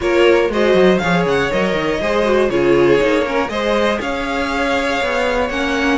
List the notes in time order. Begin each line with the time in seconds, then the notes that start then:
0.00 A#3 F4 A#4 C#5
0.49 G#3 F#4 C5 D#5
0.73 F#3
0.98 F3 G#4 C#5 F5
1.25 C#3 F#5
1.50 F#3 A#4 D#5
1.73 D#3
2.00 G#3 G#4 C5
2.24 F#4
2.49 C#3 F4 G#4 C#5
2.99 A#3 D#4
3.26 C#4 A#4
3.48 G#3 G#4 C5 D#5
4.00 C#4 C#5 F5
5.02 B3
5.49 A#3 C#4 F#5